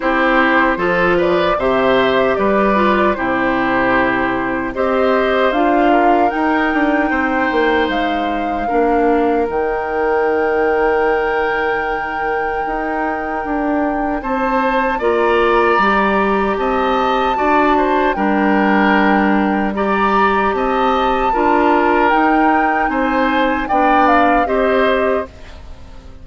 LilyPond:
<<
  \new Staff \with { instrumentName = "flute" } { \time 4/4 \tempo 4 = 76 c''4. d''8 e''4 d''4 | c''2 dis''4 f''4 | g''2 f''2 | g''1~ |
g''2 a''4 ais''4~ | ais''4 a''2 g''4~ | g''4 ais''4 a''2 | g''4 gis''4 g''8 f''8 dis''4 | }
  \new Staff \with { instrumentName = "oboe" } { \time 4/4 g'4 a'8 b'8 c''4 b'4 | g'2 c''4. ais'8~ | ais'4 c''2 ais'4~ | ais'1~ |
ais'2 c''4 d''4~ | d''4 dis''4 d''8 c''8 ais'4~ | ais'4 d''4 dis''4 ais'4~ | ais'4 c''4 d''4 c''4 | }
  \new Staff \with { instrumentName = "clarinet" } { \time 4/4 e'4 f'4 g'4. f'8 | e'2 g'4 f'4 | dis'2. d'4 | dis'1~ |
dis'2. f'4 | g'2 fis'4 d'4~ | d'4 g'2 f'4 | dis'2 d'4 g'4 | }
  \new Staff \with { instrumentName = "bassoon" } { \time 4/4 c'4 f4 c4 g4 | c2 c'4 d'4 | dis'8 d'8 c'8 ais8 gis4 ais4 | dis1 |
dis'4 d'4 c'4 ais4 | g4 c'4 d'4 g4~ | g2 c'4 d'4 | dis'4 c'4 b4 c'4 | }
>>